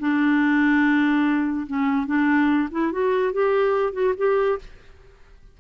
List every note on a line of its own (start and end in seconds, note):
0.00 1.67 D4
1.67 2.06 C#4
2.06 2.69 D4
2.71 2.92 E4
2.92 3.33 F#4
3.33 3.93 G4
3.93 4.14 F#4
4.17 4.59 G4